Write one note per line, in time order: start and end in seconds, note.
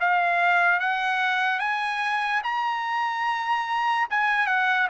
0.00 0.80 F5
0.80 1.60 F#5
1.60 2.42 G#5
2.43 4.08 A#5
4.10 4.46 G#5
4.46 4.88 F#5